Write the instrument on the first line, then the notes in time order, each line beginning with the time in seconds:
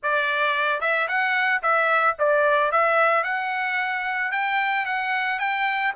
trumpet
0.02 D5
0.80 E5
1.08 F#5
1.62 E5
2.18 D5
2.71 E5
3.23 F#5
4.31 G5
4.85 F#5
5.39 G5